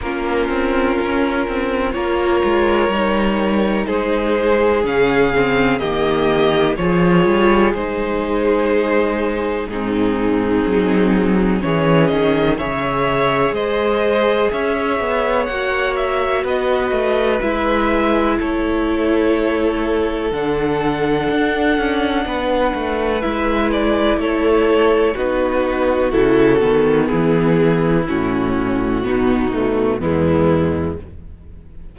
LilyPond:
<<
  \new Staff \with { instrumentName = "violin" } { \time 4/4 \tempo 4 = 62 ais'2 cis''2 | c''4 f''4 dis''4 cis''4 | c''2 gis'2 | cis''8 dis''8 e''4 dis''4 e''4 |
fis''8 e''8 dis''4 e''4 cis''4~ | cis''4 fis''2. | e''8 d''8 cis''4 b'4 a'4 | gis'4 fis'2 e'4 | }
  \new Staff \with { instrumentName = "violin" } { \time 4/4 f'2 ais'2 | gis'2 g'4 gis'4~ | gis'2 dis'2 | gis'4 cis''4 c''4 cis''4~ |
cis''4 b'2 a'4~ | a'2. b'4~ | b'4 a'4 fis'2 | e'2 dis'4 b4 | }
  \new Staff \with { instrumentName = "viola" } { \time 4/4 cis'2 f'4 dis'4~ | dis'4 cis'8 c'8 ais4 f'4 | dis'2 c'2 | cis'4 gis'2. |
fis'2 e'2~ | e'4 d'2. | e'2 dis'4 e'8 b8~ | b4 cis'4 b8 a8 gis4 | }
  \new Staff \with { instrumentName = "cello" } { \time 4/4 ais8 c'8 cis'8 c'8 ais8 gis8 g4 | gis4 cis4 dis4 f8 g8 | gis2 gis,4 fis4 | e8 dis8 cis4 gis4 cis'8 b8 |
ais4 b8 a8 gis4 a4~ | a4 d4 d'8 cis'8 b8 a8 | gis4 a4 b4 cis8 dis8 | e4 a,4 b,4 e,4 | }
>>